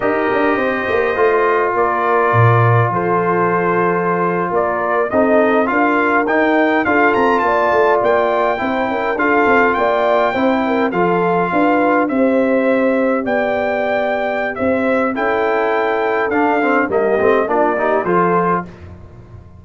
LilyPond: <<
  \new Staff \with { instrumentName = "trumpet" } { \time 4/4 \tempo 4 = 103 dis''2. d''4~ | d''4 c''2~ c''8. d''16~ | d''8. dis''4 f''4 g''4 f''16~ | f''16 ais''8 a''4 g''2 f''16~ |
f''8. g''2 f''4~ f''16~ | f''8. e''2 g''4~ g''16~ | g''4 e''4 g''2 | f''4 dis''4 d''4 c''4 | }
  \new Staff \with { instrumentName = "horn" } { \time 4/4 ais'4 c''2 ais'4~ | ais'4 a'2~ a'8. ais'16~ | ais'8. a'4 ais'2 a'16~ | a'8. d''2 c''8 ais'8 a'16~ |
a'8. d''4 c''8 ais'8 a'4 b'16~ | b'8. c''2 d''4~ d''16~ | d''4 c''4 a'2~ | a'4 g'4 f'8 g'8 a'4 | }
  \new Staff \with { instrumentName = "trombone" } { \time 4/4 g'2 f'2~ | f'1~ | f'8. dis'4 f'4 dis'4 f'16~ | f'2~ f'8. e'4 f'16~ |
f'4.~ f'16 e'4 f'4~ f'16~ | f'8. g'2.~ g'16~ | g'2 e'2 | d'8 c'8 ais8 c'8 d'8 dis'8 f'4 | }
  \new Staff \with { instrumentName = "tuba" } { \time 4/4 dis'8 d'8 c'8 ais8 a4 ais4 | ais,4 f2~ f8. ais16~ | ais8. c'4 d'4 dis'4 d'16~ | d'16 c'8 ais8 a8 ais4 c'8 cis'8 d'16~ |
d'16 c'8 ais4 c'4 f4 d'16~ | d'8. c'2 b4~ b16~ | b4 c'4 cis'2 | d'4 g8 a8 ais4 f4 | }
>>